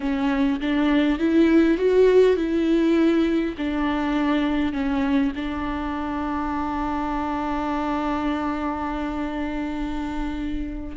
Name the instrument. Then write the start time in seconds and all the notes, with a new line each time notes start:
viola
0.00 C#4
0.60 D4
1.19 E4
1.77 F#4
2.36 E4
3.57 D4
4.73 C#4
5.35 D4